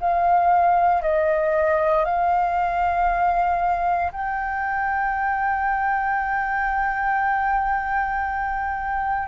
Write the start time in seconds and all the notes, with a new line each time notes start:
0.00 F5
1.02 D#5
2.05 F5
4.12 G5